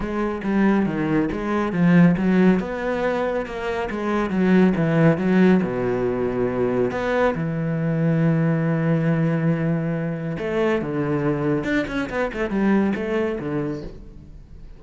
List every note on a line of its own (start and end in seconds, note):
0.00 0.41 G#3
0.43 0.86 G3
0.86 1.29 D#3
1.32 1.72 G#3
1.72 2.15 F3
2.17 2.59 F#3
2.59 3.45 B3
3.45 3.88 A#3
3.90 4.29 G#3
4.29 4.73 F#3
4.75 5.17 E3
5.17 5.60 F#3
5.63 6.91 B2
6.91 7.34 B3
7.35 10.37 E3
10.38 10.81 A3
10.81 11.64 D3
11.64 11.85 D4
11.87 12.09 C#4
12.09 12.31 B3
12.33 12.50 A3
12.50 12.93 G3
12.95 13.38 A3
13.39 13.82 D3